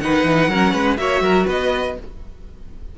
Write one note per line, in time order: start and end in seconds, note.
0.00 0.24 D#3
0.00 0.51 D#4
0.00 0.51 B4
0.00 0.97 F#5
0.24 0.49 E3
0.49 0.73 F#3
0.49 0.98 C#4
0.49 0.73 A#4
0.73 0.98 G#3
0.73 0.98 B4
0.97 1.21 A#3
0.97 1.96 F#4
0.97 1.23 C#5
0.97 1.47 E5
1.21 1.45 F#3
1.21 1.47 A#4
1.47 1.97 B3
1.47 1.96 B4
1.47 1.99 D#5